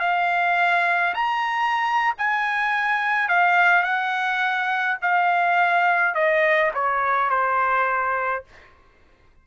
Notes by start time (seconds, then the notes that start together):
0.00 F5
1.15 A#5
2.18 G#5
3.29 F5
3.83 F#5
5.02 F5
6.15 D#5
6.75 C#5
7.30 C5